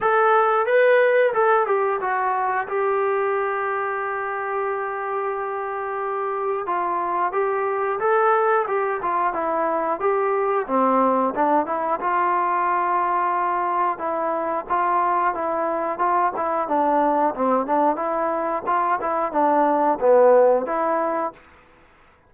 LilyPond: \new Staff \with { instrumentName = "trombone" } { \time 4/4 \tempo 4 = 90 a'4 b'4 a'8 g'8 fis'4 | g'1~ | g'2 f'4 g'4 | a'4 g'8 f'8 e'4 g'4 |
c'4 d'8 e'8 f'2~ | f'4 e'4 f'4 e'4 | f'8 e'8 d'4 c'8 d'8 e'4 | f'8 e'8 d'4 b4 e'4 | }